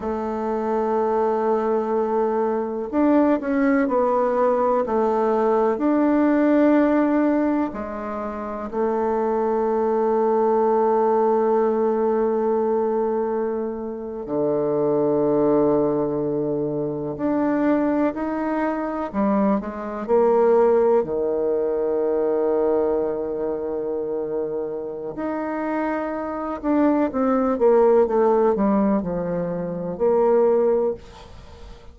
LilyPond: \new Staff \with { instrumentName = "bassoon" } { \time 4/4 \tempo 4 = 62 a2. d'8 cis'8 | b4 a4 d'2 | gis4 a2.~ | a2~ a8. d4~ d16~ |
d4.~ d16 d'4 dis'4 g16~ | g16 gis8 ais4 dis2~ dis16~ | dis2 dis'4. d'8 | c'8 ais8 a8 g8 f4 ais4 | }